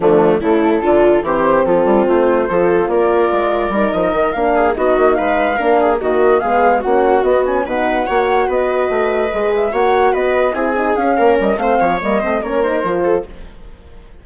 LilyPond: <<
  \new Staff \with { instrumentName = "flute" } { \time 4/4 \tempo 4 = 145 d'4 a'2 c''4 | a'4 c''2 d''4~ | d''4. dis''4 f''4 dis''8~ | dis''8 f''2 dis''4 f''8~ |
f''8 fis''4 dis''8 gis''8 fis''4.~ | fis''8 dis''2~ dis''8 e''8 fis''8~ | fis''8 dis''4 gis''4 f''4 dis''8 | f''4 dis''4 cis''8 c''4. | }
  \new Staff \with { instrumentName = "viola" } { \time 4/4 a4 e'4 f'4 g'4 | f'2 a'4 ais'4~ | ais'2. gis'8 fis'8~ | fis'8 b'4 ais'8 gis'8 fis'4 gis'8~ |
gis'8 fis'2 b'4 cis''8~ | cis''8 b'2. cis''8~ | cis''8 b'4 gis'4. ais'4 | c''8 cis''4 c''8 ais'4. a'8 | }
  \new Staff \with { instrumentName = "horn" } { \time 4/4 f4 a4 d'4 c'4~ | c'2 f'2~ | f'4 dis'4. d'4 dis'8~ | dis'4. d'4 ais4 b8~ |
b8 cis'4 b8 cis'8 dis'4 fis'8~ | fis'2~ fis'8 gis'4 fis'8~ | fis'4. e'8 dis'8 cis'4. | c'4 ais8 c'8 cis'8 dis'8 f'4 | }
  \new Staff \with { instrumentName = "bassoon" } { \time 4/4 d4 cis4 d4 e4 | f8 g8 a4 f4 ais4 | gis4 g8 f8 dis8 ais4 b8 | ais8 gis4 ais4 dis4 gis8~ |
gis8 ais4 b4 b,4 ais8~ | ais8 b4 a4 gis4 ais8~ | ais8 b4 c'4 cis'8 ais8 g8 | a8 f8 g8 a8 ais4 f4 | }
>>